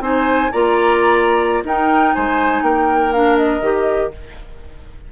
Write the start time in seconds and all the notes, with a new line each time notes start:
0.00 C4 D#4 C5 G#5
0.51 A#3 F4 D5 A#5
1.63 D#4 A#4 G5
2.13 G#3 C5 G#5
2.62 A#3 A#4 G5
3.12 D4 F5
3.36 D#5
3.61 D#3 G4